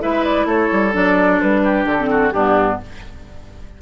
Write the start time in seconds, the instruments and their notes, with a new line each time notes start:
0.00 bassoon G#3, clarinet E4, oboe B4, flute E5
0.25 flute D5
0.46 bassoon A3, oboe A4, flute C#5
0.72 bassoon G3
0.92 bassoon F#3, clarinet D4, flute D5
1.41 bassoon G3, flute B4
1.64 oboe G4
1.85 bassoon D3, flute A4
1.98 clarinet C4
2.11 oboe F#4
2.32 bassoon G2, clarinet B3, oboe D4, flute G4